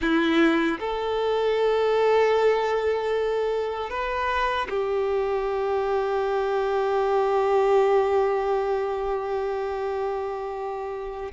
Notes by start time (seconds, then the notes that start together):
0.01 E4
0.79 A4
3.90 B4
4.69 G4